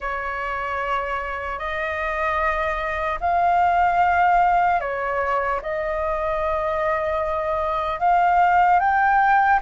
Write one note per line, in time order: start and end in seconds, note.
0.00 1.59 C#5
1.59 3.19 D#5
3.20 4.80 F5
4.80 5.60 C#5
5.62 7.99 D#5
7.99 8.79 F5
8.79 9.59 G5